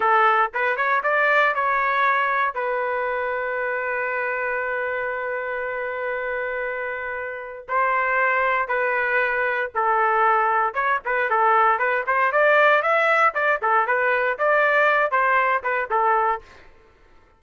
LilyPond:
\new Staff \with { instrumentName = "trumpet" } { \time 4/4 \tempo 4 = 117 a'4 b'8 cis''8 d''4 cis''4~ | cis''4 b'2.~ | b'1~ | b'2. c''4~ |
c''4 b'2 a'4~ | a'4 cis''8 b'8 a'4 b'8 c''8 | d''4 e''4 d''8 a'8 b'4 | d''4. c''4 b'8 a'4 | }